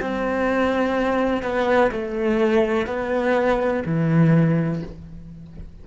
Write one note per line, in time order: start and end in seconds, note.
0.00 1.43 C4
1.43 1.91 B3
1.91 2.86 A3
2.86 3.83 B3
3.86 4.83 E3